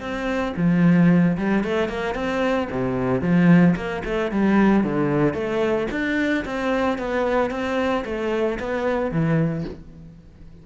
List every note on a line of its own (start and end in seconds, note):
0.00 0.54 C4
0.57 1.37 F3
1.38 1.64 G3
1.64 1.89 A3
1.89 2.15 A#3
2.15 2.68 C4
2.71 3.21 C3
3.21 3.75 F3
3.76 4.03 A#3
4.05 4.31 A3
4.31 4.84 G3
4.84 5.34 D3
5.34 5.88 A3
5.91 6.45 D4
6.45 6.98 C4
6.98 7.50 B3
7.50 8.04 C4
8.05 8.59 A3
8.59 9.11 B3
9.11 9.65 E3